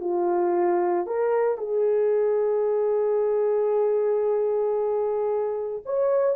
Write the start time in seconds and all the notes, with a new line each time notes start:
0.00 F4
1.06 A#4
1.58 G#4
5.85 C#5